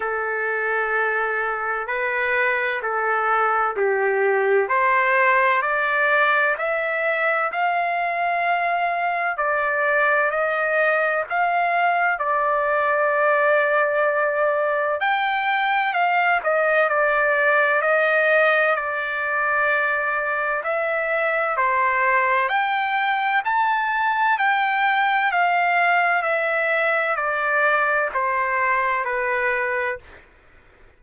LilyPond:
\new Staff \with { instrumentName = "trumpet" } { \time 4/4 \tempo 4 = 64 a'2 b'4 a'4 | g'4 c''4 d''4 e''4 | f''2 d''4 dis''4 | f''4 d''2. |
g''4 f''8 dis''8 d''4 dis''4 | d''2 e''4 c''4 | g''4 a''4 g''4 f''4 | e''4 d''4 c''4 b'4 | }